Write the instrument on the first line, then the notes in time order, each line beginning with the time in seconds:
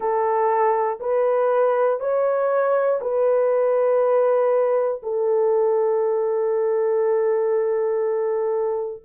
horn
0.00 A4
1.00 B4
2.00 C#5
3.01 B4
5.02 A4